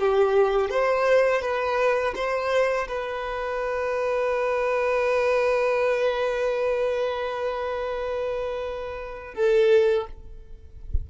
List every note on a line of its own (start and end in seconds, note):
0.00 0.70 G4
0.70 1.42 C5
1.42 2.15 B4
2.16 2.88 C5
2.88 9.35 B4
9.35 10.07 A4